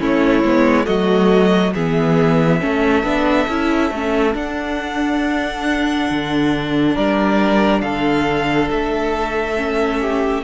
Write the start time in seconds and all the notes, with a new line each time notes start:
0.00 A3 C#4 E4 C#5
0.44 G#3 B3
0.85 F#3 A3 F#4 D#5
1.74 E3 B3 G#4 E5
2.60 A3 C#4 A4
3.04 B3 D4
3.48 C#4 E4
3.91 A3 C#4
4.34 D4 F#5
6.11 D3
6.95 G3 A#4 D5
7.82 D3 A4 F5
8.71 A3 E5
9.57 C#4
10.01 G4